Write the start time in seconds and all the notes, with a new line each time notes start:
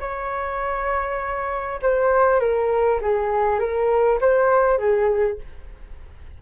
0.00 C#5
1.82 C5
2.40 A#4
3.01 G#4
3.59 A#4
4.21 C5
4.78 G#4